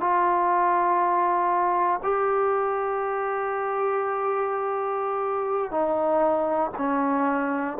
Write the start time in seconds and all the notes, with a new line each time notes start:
0.00 F4
2.03 G4
5.70 D#4
6.78 C#4